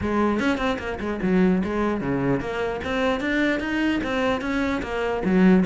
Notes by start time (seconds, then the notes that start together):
0.01 G#3
0.39 C#4
0.57 C4
0.78 A#3
0.99 G#3
1.22 F#3
1.64 G#3
2.01 C#3
2.40 A#3
2.84 C4
3.20 D4
3.60 D#4
4.03 C4
4.41 C#4
4.82 A#3
5.24 F#3